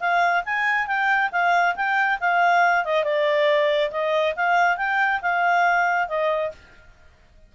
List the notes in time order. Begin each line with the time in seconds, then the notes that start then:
0.00 F5
0.45 G#5
0.87 G5
1.32 F5
1.76 G5
2.20 F5
2.85 D#5
3.04 D5
3.91 D#5
4.36 F5
4.77 G5
5.22 F5
6.08 D#5